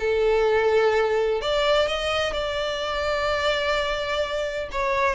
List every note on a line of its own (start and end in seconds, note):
0.00 1.42 A4
1.42 1.88 D5
1.88 2.33 D#5
2.33 4.70 D5
4.72 5.16 C#5